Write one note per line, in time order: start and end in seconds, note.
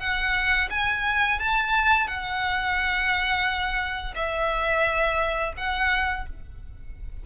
0.00 0.69 F#5
0.71 1.39 G#5
1.40 2.08 A5
2.08 4.15 F#5
4.16 5.54 E5
5.57 6.26 F#5